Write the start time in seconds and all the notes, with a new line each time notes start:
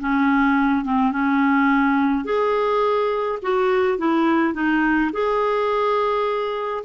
0.00 C#4
0.84 C4
1.11 C#4
2.24 G#4
3.42 F#4
3.98 E4
4.53 D#4
5.12 G#4